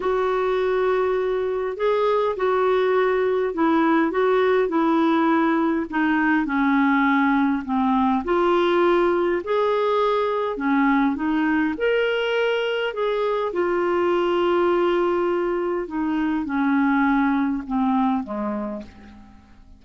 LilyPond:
\new Staff \with { instrumentName = "clarinet" } { \time 4/4 \tempo 4 = 102 fis'2. gis'4 | fis'2 e'4 fis'4 | e'2 dis'4 cis'4~ | cis'4 c'4 f'2 |
gis'2 cis'4 dis'4 | ais'2 gis'4 f'4~ | f'2. dis'4 | cis'2 c'4 gis4 | }